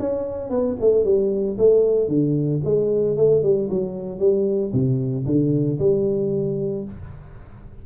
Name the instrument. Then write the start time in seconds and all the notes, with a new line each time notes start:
tuba
0.00 C#4
0.50 B3
0.81 A3
1.05 G3
1.58 A3
2.09 D3
2.65 G#3
3.17 A3
3.43 G3
3.70 F#3
4.19 G3
4.73 C3
5.26 D3
5.79 G3